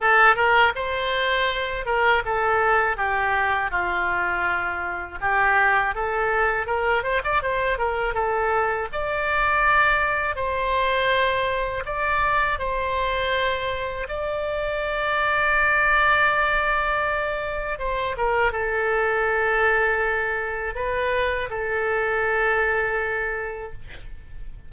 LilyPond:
\new Staff \with { instrumentName = "oboe" } { \time 4/4 \tempo 4 = 81 a'8 ais'8 c''4. ais'8 a'4 | g'4 f'2 g'4 | a'4 ais'8 c''16 d''16 c''8 ais'8 a'4 | d''2 c''2 |
d''4 c''2 d''4~ | d''1 | c''8 ais'8 a'2. | b'4 a'2. | }